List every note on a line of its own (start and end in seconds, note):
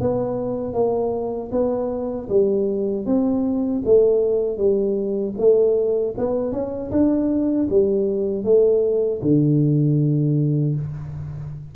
0.00 0.73 B3
0.73 1.50 A#3
1.51 2.28 B3
2.29 3.06 G3
3.06 3.83 C4
3.85 4.57 A3
4.57 5.34 G3
5.38 6.15 A3
6.17 6.52 B3
6.52 6.91 C#4
6.91 7.68 D4
7.70 8.44 G3
8.44 9.21 A3
9.22 10.76 D3